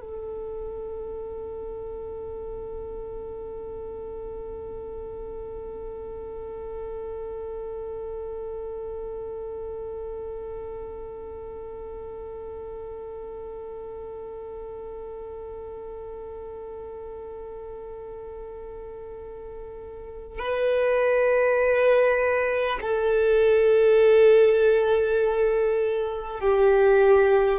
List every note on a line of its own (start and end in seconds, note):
0.00 20.38 A4
20.38 22.78 B4
22.81 26.40 A4
26.40 27.59 G4